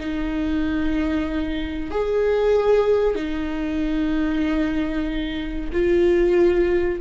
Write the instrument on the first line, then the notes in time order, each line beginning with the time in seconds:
viola
0.00 D#4
1.91 G#4
3.15 D#4
5.73 F4